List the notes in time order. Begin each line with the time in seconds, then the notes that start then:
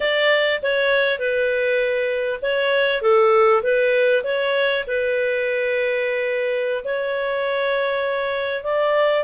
0.00 D5
0.62 C#5
1.18 B4
2.42 C#5
3.01 A4
3.62 B4
4.23 C#5
4.87 B4
6.84 C#5
8.63 D5